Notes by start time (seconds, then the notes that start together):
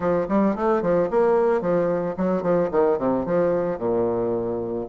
0.00 F3
0.28 G3
0.55 A3
0.82 F3
1.10 A#3
1.61 F3
2.17 F#3
2.42 F3
2.71 D#3
2.98 C3
3.25 F3
3.78 A#2